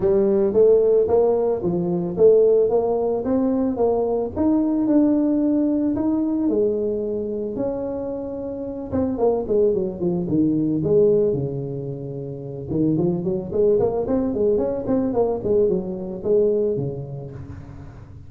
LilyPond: \new Staff \with { instrumentName = "tuba" } { \time 4/4 \tempo 4 = 111 g4 a4 ais4 f4 | a4 ais4 c'4 ais4 | dis'4 d'2 dis'4 | gis2 cis'2~ |
cis'8 c'8 ais8 gis8 fis8 f8 dis4 | gis4 cis2~ cis8 dis8 | f8 fis8 gis8 ais8 c'8 gis8 cis'8 c'8 | ais8 gis8 fis4 gis4 cis4 | }